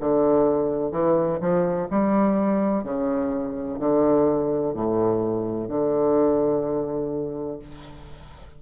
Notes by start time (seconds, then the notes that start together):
0.00 D3
0.92 E3
1.41 F3
1.91 G3
2.84 C#3
3.79 D3
4.74 A2
5.69 D3